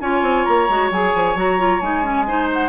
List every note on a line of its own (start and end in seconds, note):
0.00 0.22 C#4
0.00 0.69 F4
0.00 2.27 C#5
0.00 0.45 G#5
0.22 0.44 C4
0.45 0.69 A#3
0.45 0.90 A#5
0.69 0.91 G#3
0.69 0.92 F#4
0.91 1.13 F#3
0.91 1.36 G#4
0.91 1.37 G#5
1.14 1.35 F3
1.35 1.80 F#3
1.35 1.58 F#4
1.35 1.80 A#5
1.58 1.81 F4
1.80 2.68 G#3
1.80 2.03 D#4
1.80 2.48 G#5
2.03 2.25 C#4
2.27 2.68 D#4
2.27 2.68 C5
2.53 2.68 F#5